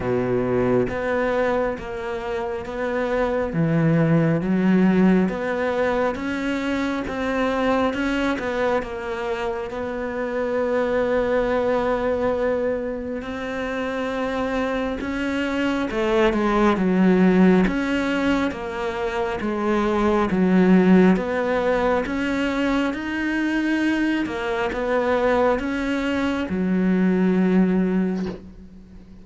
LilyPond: \new Staff \with { instrumentName = "cello" } { \time 4/4 \tempo 4 = 68 b,4 b4 ais4 b4 | e4 fis4 b4 cis'4 | c'4 cis'8 b8 ais4 b4~ | b2. c'4~ |
c'4 cis'4 a8 gis8 fis4 | cis'4 ais4 gis4 fis4 | b4 cis'4 dis'4. ais8 | b4 cis'4 fis2 | }